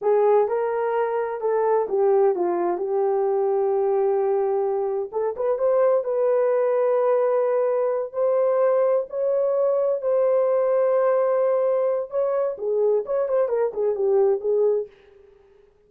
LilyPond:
\new Staff \with { instrumentName = "horn" } { \time 4/4 \tempo 4 = 129 gis'4 ais'2 a'4 | g'4 f'4 g'2~ | g'2. a'8 b'8 | c''4 b'2.~ |
b'4. c''2 cis''8~ | cis''4. c''2~ c''8~ | c''2 cis''4 gis'4 | cis''8 c''8 ais'8 gis'8 g'4 gis'4 | }